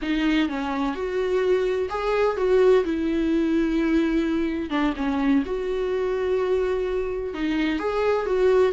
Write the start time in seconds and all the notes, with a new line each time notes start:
0.02 D#4
0.48 C#4
0.94 F#4
1.89 G#4
2.36 F#4
2.84 E4
4.70 D4
4.96 C#4
5.45 F#4
7.34 D#4
7.79 G#4
8.26 F#4